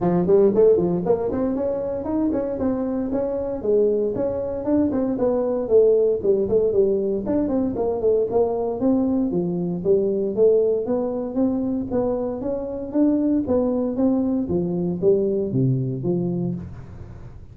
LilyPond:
\new Staff \with { instrumentName = "tuba" } { \time 4/4 \tempo 4 = 116 f8 g8 a8 f8 ais8 c'8 cis'4 | dis'8 cis'8 c'4 cis'4 gis4 | cis'4 d'8 c'8 b4 a4 | g8 a8 g4 d'8 c'8 ais8 a8 |
ais4 c'4 f4 g4 | a4 b4 c'4 b4 | cis'4 d'4 b4 c'4 | f4 g4 c4 f4 | }